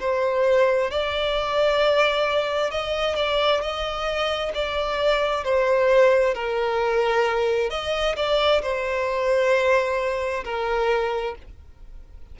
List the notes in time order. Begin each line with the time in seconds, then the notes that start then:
0.00 C5
0.91 D5
2.71 D#5
3.16 D5
3.61 D#5
4.54 D5
5.44 C5
6.35 A#4
7.70 D#5
8.16 D5
8.62 C5
10.45 A#4